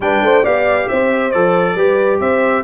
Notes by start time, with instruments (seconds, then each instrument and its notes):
0.00 tuba G3, trombone D4, horn B4, trumpet G5
0.22 tuba A3, horn C5
0.43 tuba B3, trombone G4, horn D5, trumpet F5
0.88 tuba C4, horn C5, trumpet E5
1.31 tuba F3, trombone A4, trumpet D5
1.75 tuba G3, trombone G4, horn B4
2.20 tuba C4, horn C5, trumpet E5